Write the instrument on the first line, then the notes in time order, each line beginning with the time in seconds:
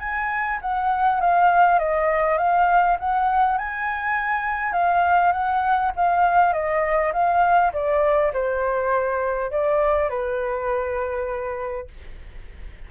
flute
0.00 G#5
0.62 F#5
1.21 F5
1.80 D#5
2.38 F5
3.00 F#5
3.59 G#5
4.73 F5
5.33 F#5
5.97 F5
6.53 D#5
7.13 F5
7.73 D5
8.34 C5
9.51 D5
10.10 B4